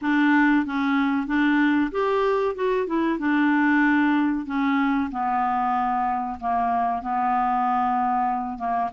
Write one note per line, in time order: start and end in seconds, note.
0.01 0.65 D4
0.65 1.26 C#4
1.26 1.90 D4
1.91 2.55 G4
2.55 2.86 F#4
2.86 3.18 E4
3.19 4.46 D4
4.46 5.09 C#4
5.11 6.38 B3
6.40 7.02 A#3
7.02 8.58 B3
8.58 8.90 A#3